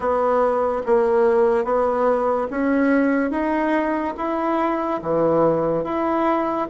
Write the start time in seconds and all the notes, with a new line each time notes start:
0.00 B3
0.86 A#3
1.64 B3
2.50 C#4
3.30 D#4
4.17 E4
5.02 E3
5.84 E4